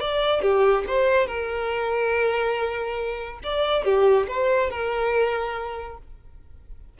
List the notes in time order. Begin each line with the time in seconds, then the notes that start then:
0.00 D5
0.41 G4
0.87 C5
1.27 A#4
3.43 D5
3.84 G4
4.27 C5
4.70 A#4